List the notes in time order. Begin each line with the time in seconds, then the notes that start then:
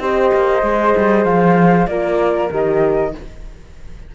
0.00 C4 G4 C5 D#5
0.35 A#3
0.63 G#3 G#4
0.98 G3
1.25 F3 F5
1.88 A#3 F4 A#4 D5
2.51 D#3 G4 D#5